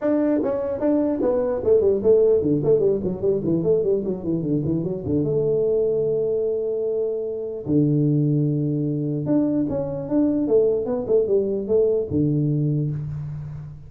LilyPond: \new Staff \with { instrumentName = "tuba" } { \time 4/4 \tempo 4 = 149 d'4 cis'4 d'4 b4 | a8 g8 a4 d8 a8 g8 fis8 | g8 e8 a8 g8 fis8 e8 d8 e8 | fis8 d8 a2.~ |
a2. d4~ | d2. d'4 | cis'4 d'4 a4 b8 a8 | g4 a4 d2 | }